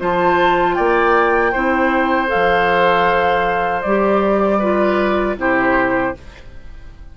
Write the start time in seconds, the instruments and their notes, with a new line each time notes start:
0.00 bassoon F3, clarinet F4, oboe C5, flute A5
0.75 bassoon A#3, oboe D5, flute G5
1.52 bassoon C4, clarinet E4, oboe C5
2.28 clarinet A4, flute F5
2.34 bassoon F3
3.82 bassoon G3, clarinet G4, flute D5
4.59 clarinet F4, oboe B4
5.37 bassoon C3, clarinet E4, oboe G4, flute C5